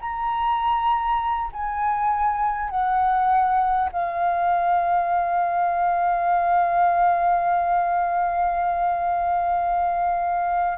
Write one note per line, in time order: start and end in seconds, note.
0.00 1.50 A#5
1.52 2.69 G#5
2.69 3.89 F#5
3.92 10.78 F5